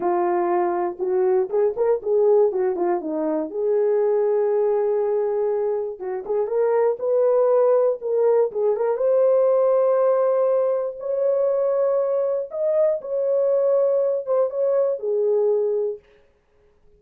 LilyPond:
\new Staff \with { instrumentName = "horn" } { \time 4/4 \tempo 4 = 120 f'2 fis'4 gis'8 ais'8 | gis'4 fis'8 f'8 dis'4 gis'4~ | gis'1 | fis'8 gis'8 ais'4 b'2 |
ais'4 gis'8 ais'8 c''2~ | c''2 cis''2~ | cis''4 dis''4 cis''2~ | cis''8 c''8 cis''4 gis'2 | }